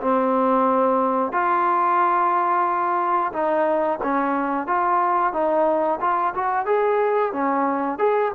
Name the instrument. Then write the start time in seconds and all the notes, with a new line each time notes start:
trombone
0.00 C4
1.32 F4
3.32 D#4
4.02 C#4
4.67 F4
5.32 D#4
6.00 F4
6.34 F#4
6.65 G#4
7.32 C#4
7.98 G#4